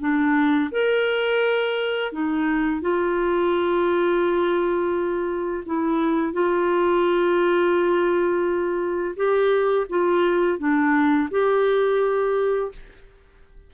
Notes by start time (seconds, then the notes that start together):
0.00 D4
0.72 A#4
2.12 D#4
2.82 F4
5.66 E4
6.33 F4
9.16 G4
9.90 F4
10.59 D4
11.31 G4